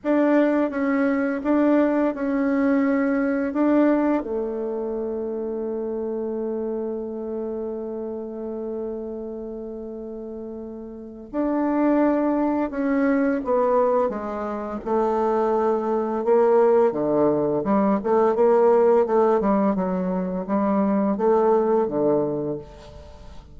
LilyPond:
\new Staff \with { instrumentName = "bassoon" } { \time 4/4 \tempo 4 = 85 d'4 cis'4 d'4 cis'4~ | cis'4 d'4 a2~ | a1~ | a1 |
d'2 cis'4 b4 | gis4 a2 ais4 | d4 g8 a8 ais4 a8 g8 | fis4 g4 a4 d4 | }